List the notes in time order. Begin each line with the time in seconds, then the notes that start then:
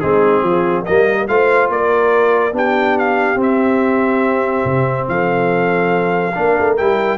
0.00 G#3 C4 D#4 G#4
0.42 F3 F4
0.85 G3 A#3 A#4 D#5
1.28 A3 F4 C5 F5
1.69 A#3 A#4 D5
2.52 B3 D4 G4 G5
2.98 F5
3.36 C4
3.42 E5
4.64 C3
5.08 F3 A4 F5
6.34 A#3 D4 A#4
6.59 A3
6.77 G3 E4 G5